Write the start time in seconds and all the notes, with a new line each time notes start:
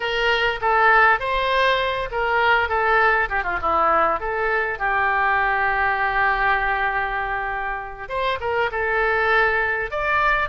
0.00 A#4
0.61 A4
1.19 C5
2.11 A#4
2.68 A4
3.29 G4
3.43 F4
3.61 E4
4.20 A4
4.78 G4
8.08 C5
8.40 A#4
8.71 A4
9.90 D5